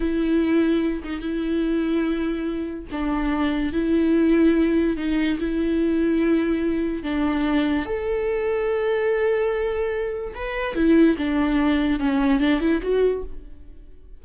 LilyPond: \new Staff \with { instrumentName = "viola" } { \time 4/4 \tempo 4 = 145 e'2~ e'8 dis'8 e'4~ | e'2. d'4~ | d'4 e'2. | dis'4 e'2.~ |
e'4 d'2 a'4~ | a'1~ | a'4 b'4 e'4 d'4~ | d'4 cis'4 d'8 e'8 fis'4 | }